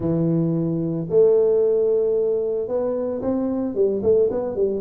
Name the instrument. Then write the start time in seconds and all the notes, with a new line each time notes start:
tuba
0.00 E3
1.09 A3
2.67 B3
3.21 C4
3.75 G3
4.02 A3
4.30 B3
4.55 G3